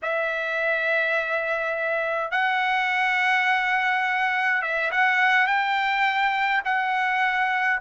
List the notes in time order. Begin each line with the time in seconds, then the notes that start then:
0.02 E5
2.31 F#5
4.62 E5
4.91 F#5
5.47 G5
6.65 F#5